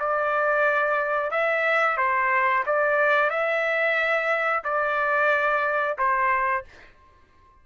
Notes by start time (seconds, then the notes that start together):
0.00 D5
1.31 E5
1.98 C5
2.66 D5
3.31 E5
4.64 D5
5.98 C5